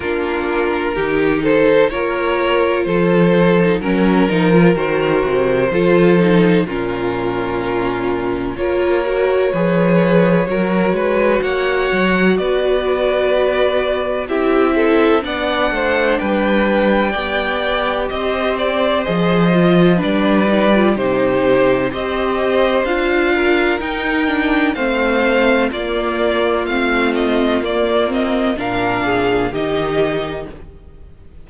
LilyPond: <<
  \new Staff \with { instrumentName = "violin" } { \time 4/4 \tempo 4 = 63 ais'4. c''8 cis''4 c''4 | ais'4 c''2 ais'4~ | ais'4 cis''2. | fis''4 d''2 e''4 |
fis''4 g''2 dis''8 d''8 | dis''4 d''4 c''4 dis''4 | f''4 g''4 f''4 d''4 | f''8 dis''8 d''8 dis''8 f''4 dis''4 | }
  \new Staff \with { instrumentName = "violin" } { \time 4/4 f'4 g'8 a'8 ais'4 a'4 | ais'2 a'4 f'4~ | f'4 ais'4 b'4 ais'8 b'8 | cis''4 b'2 g'8 a'8 |
d''8 c''8 b'4 d''4 c''4~ | c''4 b'4 g'4 c''4~ | c''8 ais'4. c''4 f'4~ | f'2 ais'8 gis'8 g'4 | }
  \new Staff \with { instrumentName = "viola" } { \time 4/4 d'4 dis'4 f'4.~ f'16 dis'16 | cis'8 dis'16 f'16 fis'4 f'8 dis'8 cis'4~ | cis'4 f'8 fis'8 gis'4 fis'4~ | fis'2. e'4 |
d'2 g'2 | gis'8 f'8 d'8 dis'16 f'16 dis'4 g'4 | f'4 dis'8 d'8 c'4 ais4 | c'4 ais8 c'8 d'4 dis'4 | }
  \new Staff \with { instrumentName = "cello" } { \time 4/4 ais4 dis4 ais4 f4 | fis8 f8 dis8 c8 f4 ais,4~ | ais,4 ais4 f4 fis8 gis8 | ais8 fis8 b2 c'4 |
b8 a8 g4 b4 c'4 | f4 g4 c4 c'4 | d'4 dis'4 a4 ais4 | a4 ais4 ais,4 dis4 | }
>>